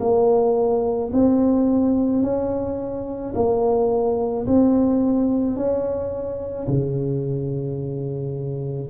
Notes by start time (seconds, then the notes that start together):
0.00 A#3
1.13 C4
2.22 C#4
3.35 A#3
4.46 C4
5.56 C#4
6.68 C#3